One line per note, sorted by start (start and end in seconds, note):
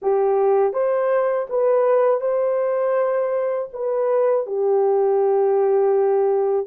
0.02 0.73 G4
0.73 1.47 C5
1.49 2.20 B4
2.20 3.68 C5
3.72 4.46 B4
4.46 6.66 G4